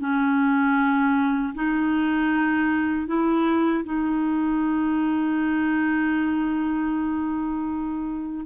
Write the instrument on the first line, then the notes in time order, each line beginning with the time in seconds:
clarinet
0.00 C#4
1.54 D#4
3.07 E4
3.84 D#4